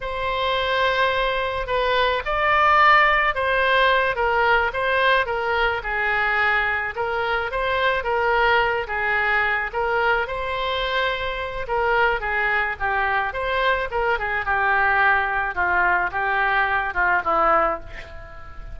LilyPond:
\new Staff \with { instrumentName = "oboe" } { \time 4/4 \tempo 4 = 108 c''2. b'4 | d''2 c''4. ais'8~ | ais'8 c''4 ais'4 gis'4.~ | gis'8 ais'4 c''4 ais'4. |
gis'4. ais'4 c''4.~ | c''4 ais'4 gis'4 g'4 | c''4 ais'8 gis'8 g'2 | f'4 g'4. f'8 e'4 | }